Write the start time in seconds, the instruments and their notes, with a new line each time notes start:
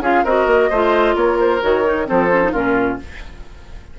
0.00 bassoon C#4, clarinet F4, oboe G#4, flute F5
0.24 bassoon C4, clarinet F#4, oboe A#4, flute D#5
0.46 bassoon A#3
0.69 bassoon A3, clarinet F4, oboe C5
1.15 bassoon A#3, oboe A#4, flute C#5
1.40 flute C5
1.60 bassoon D#3, clarinet F#4, flute C#5
1.84 clarinet D#4
2.05 bassoon F3, clarinet C4, oboe A4, flute C5
2.32 clarinet C#4
2.43 clarinet D#4
2.52 bassoon A#2, clarinet C#4, oboe F4, flute A#4